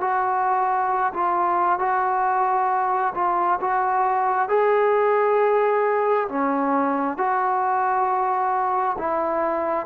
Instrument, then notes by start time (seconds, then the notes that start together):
trombone
0.00 F#4
1.13 F4
1.78 F#4
3.14 F4
3.60 F#4
4.48 G#4
6.28 C#4
7.17 F#4
8.98 E4